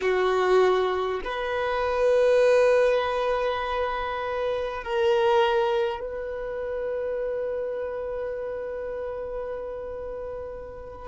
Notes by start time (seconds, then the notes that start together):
0.01 F#4
1.24 B4
4.83 A#4
5.99 B4